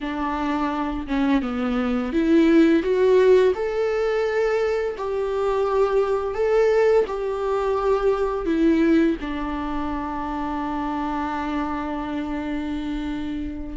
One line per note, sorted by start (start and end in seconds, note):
0.00 1.06 D4
1.07 1.41 C#4
1.41 2.12 B3
2.12 2.82 E4
2.82 3.53 F#4
3.55 4.96 A4
4.97 6.34 G4
6.34 7.04 A4
7.07 8.45 G4
8.45 9.16 E4
9.20 13.76 D4